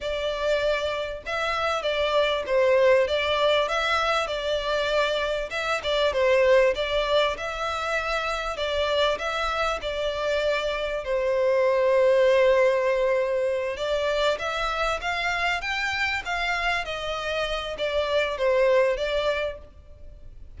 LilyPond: \new Staff \with { instrumentName = "violin" } { \time 4/4 \tempo 4 = 98 d''2 e''4 d''4 | c''4 d''4 e''4 d''4~ | d''4 e''8 d''8 c''4 d''4 | e''2 d''4 e''4 |
d''2 c''2~ | c''2~ c''8 d''4 e''8~ | e''8 f''4 g''4 f''4 dis''8~ | dis''4 d''4 c''4 d''4 | }